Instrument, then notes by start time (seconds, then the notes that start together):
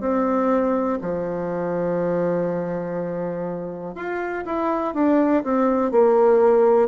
bassoon
0.00 C4
1.01 F3
3.95 F4
4.45 E4
4.94 D4
5.44 C4
5.92 A#3